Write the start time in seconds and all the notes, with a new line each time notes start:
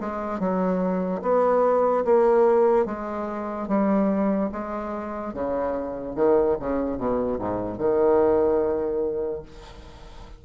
0.00 G#3
0.40 F#3
1.22 B3
2.05 A#3
2.85 G#3
3.68 G3
4.52 G#3
5.33 C#3
6.16 D#3
6.60 C#3
6.98 B2
7.39 G#2
7.78 D#3